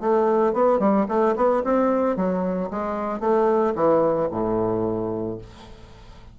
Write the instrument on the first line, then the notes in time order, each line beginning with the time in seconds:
bassoon
0.00 A3
0.53 B3
0.79 G3
1.08 A3
1.36 B3
1.64 C4
2.16 F#3
2.70 G#3
3.20 A3
3.75 E3
4.31 A2